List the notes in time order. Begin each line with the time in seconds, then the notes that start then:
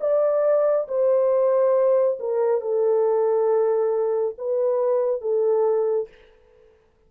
0.00 D5
0.88 C5
2.19 A#4
2.61 A4
4.38 B4
5.21 A4